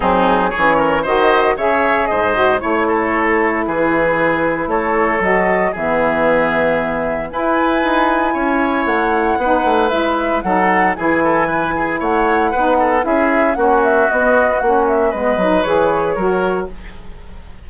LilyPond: <<
  \new Staff \with { instrumentName = "flute" } { \time 4/4 \tempo 4 = 115 gis'4 cis''4 dis''4 e''4 | dis''4 cis''2 b'4~ | b'4 cis''4 dis''4 e''4~ | e''2 gis''2~ |
gis''4 fis''2 e''4 | fis''4 gis''2 fis''4~ | fis''4 e''4 fis''8 e''8 dis''4 | fis''8 e''8 dis''4 cis''2 | }
  \new Staff \with { instrumentName = "oboe" } { \time 4/4 dis'4 gis'8 ais'8 c''4 cis''4 | c''4 cis''8 a'4. gis'4~ | gis'4 a'2 gis'4~ | gis'2 b'2 |
cis''2 b'2 | a'4 gis'8 a'8 b'8 gis'8 cis''4 | b'8 a'8 gis'4 fis'2~ | fis'4 b'2 ais'4 | }
  \new Staff \with { instrumentName = "saxophone" } { \time 4/4 c'4 cis'4 fis'4 gis'4~ | gis'8 fis'8 e'2.~ | e'2 fis'4 b4~ | b2 e'2~ |
e'2 dis'4 e'4 | dis'4 e'2. | dis'4 e'4 cis'4 b4 | cis'4 b8 dis'8 gis'4 fis'4 | }
  \new Staff \with { instrumentName = "bassoon" } { \time 4/4 fis4 e4 dis4 cis4 | gis,4 a2 e4~ | e4 a4 fis4 e4~ | e2 e'4 dis'4 |
cis'4 a4 b8 a8 gis4 | fis4 e2 a4 | b4 cis'4 ais4 b4 | ais4 gis8 fis8 e4 fis4 | }
>>